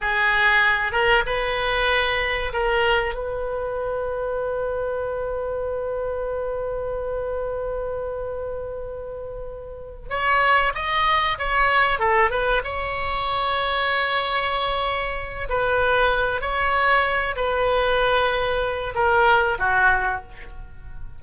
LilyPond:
\new Staff \with { instrumentName = "oboe" } { \time 4/4 \tempo 4 = 95 gis'4. ais'8 b'2 | ais'4 b'2.~ | b'1~ | b'1 |
cis''4 dis''4 cis''4 a'8 b'8 | cis''1~ | cis''8 b'4. cis''4. b'8~ | b'2 ais'4 fis'4 | }